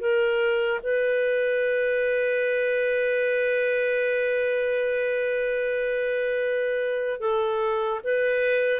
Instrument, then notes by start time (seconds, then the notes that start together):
clarinet
0.00 A#4
0.83 B4
7.20 A4
8.03 B4